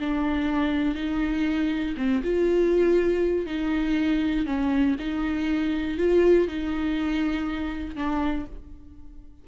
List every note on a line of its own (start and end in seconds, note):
0.00 0.95 D4
0.95 1.95 D#4
1.97 2.23 C4
2.24 3.47 F4
3.47 4.47 D#4
4.47 4.97 C#4
4.99 5.98 D#4
5.98 6.48 F4
6.48 7.96 D#4
7.96 8.46 D4